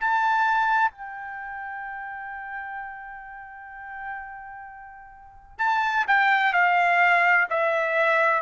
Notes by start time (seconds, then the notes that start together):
0.00 A5
0.91 G5
5.59 A5
6.08 G5
6.53 F5
7.50 E5